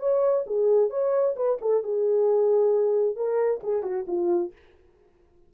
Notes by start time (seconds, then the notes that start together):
0.00 C#5
0.47 G#4
0.90 C#5
1.36 B4
1.61 A4
1.84 G#4
3.16 A#4
3.63 G#4
3.83 F#4
4.08 F4